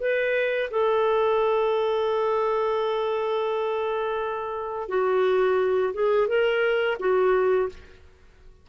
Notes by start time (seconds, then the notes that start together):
0.00 B4
0.70 A4
4.89 F#4
5.94 G#4
6.28 A#4
6.99 F#4